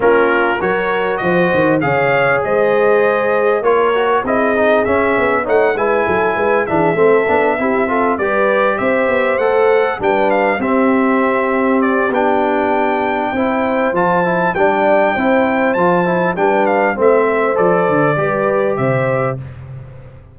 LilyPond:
<<
  \new Staff \with { instrumentName = "trumpet" } { \time 4/4 \tempo 4 = 99 ais'4 cis''4 dis''4 f''4 | dis''2 cis''4 dis''4 | e''4 fis''8 gis''4. e''4~ | e''4. d''4 e''4 fis''8~ |
fis''8 g''8 f''8 e''2 d''8 | g''2. a''4 | g''2 a''4 g''8 f''8 | e''4 d''2 e''4 | }
  \new Staff \with { instrumentName = "horn" } { \time 4/4 f'4 ais'4 c''4 cis''4 | c''2 ais'4 gis'4~ | gis'4 cis''8 b'8 a'8 b'8 gis'8 a'8~ | a'8 g'8 a'8 b'4 c''4.~ |
c''8 b'4 g'2~ g'8~ | g'2 c''2 | d''4 c''2 b'4 | c''2 b'4 c''4 | }
  \new Staff \with { instrumentName = "trombone" } { \time 4/4 cis'4 fis'2 gis'4~ | gis'2 f'8 fis'8 e'8 dis'8 | cis'4 dis'8 e'4. d'8 c'8 | d'8 e'8 f'8 g'2 a'8~ |
a'8 d'4 c'2~ c'8 | d'2 e'4 f'8 e'8 | d'4 e'4 f'8 e'8 d'4 | c'4 a'4 g'2 | }
  \new Staff \with { instrumentName = "tuba" } { \time 4/4 ais4 fis4 f8 dis8 cis4 | gis2 ais4 c'4 | cis'8 b8 a8 gis8 fis8 gis8 e8 a8 | b8 c'4 g4 c'8 b8 a8~ |
a8 g4 c'2~ c'8 | b2 c'4 f4 | g4 c'4 f4 g4 | a4 f8 d8 g4 c4 | }
>>